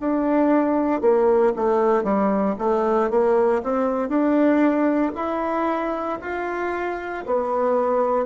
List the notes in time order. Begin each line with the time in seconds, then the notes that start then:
0.00 D4
1.01 A#3
1.56 A3
2.04 G3
2.59 A3
3.10 A#3
3.63 C4
4.09 D4
5.15 E4
6.21 F4
7.26 B3